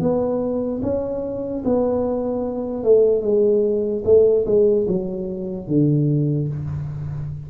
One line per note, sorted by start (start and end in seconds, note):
0.00 0.81 B3
0.83 1.64 C#4
1.65 2.84 B3
2.84 3.22 A3
3.22 4.03 G#3
4.05 4.46 A3
4.46 4.87 G#3
4.88 5.68 F#3
5.68 6.49 D3